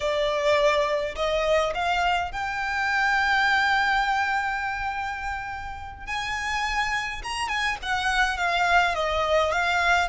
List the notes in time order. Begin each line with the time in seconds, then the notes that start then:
0.00 D5
1.15 D#5
1.74 F5
2.31 G5
6.06 G#5
7.23 A#5
7.48 G#5
7.82 F#5
8.37 F5
8.94 D#5
9.52 F5